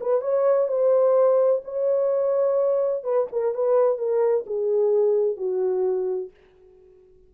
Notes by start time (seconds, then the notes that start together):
0.00 B4
0.21 C#5
0.68 C5
1.64 C#5
3.03 B4
3.31 A#4
3.54 B4
3.98 A#4
4.46 G#4
5.36 F#4